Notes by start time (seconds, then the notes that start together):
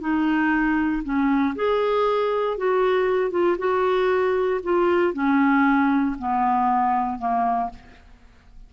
0.00 D#4
1.03 C#4
1.55 G#4
2.57 F#4
3.31 F4
3.58 F#4
4.64 F4
5.14 C#4
6.18 B3
7.19 A#3